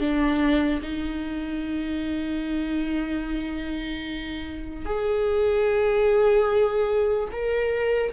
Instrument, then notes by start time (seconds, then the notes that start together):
viola
0.00 D4
0.83 D#4
4.86 G#4
7.32 A#4